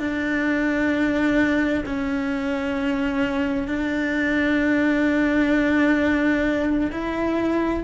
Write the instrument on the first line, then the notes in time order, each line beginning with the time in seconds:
cello
0.00 D4
1.86 C#4
3.68 D4
6.92 E4